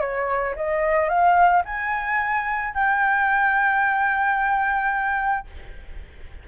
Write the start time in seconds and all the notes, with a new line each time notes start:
0.00 C#5
0.56 D#5
1.09 F5
1.65 G#5
2.74 G5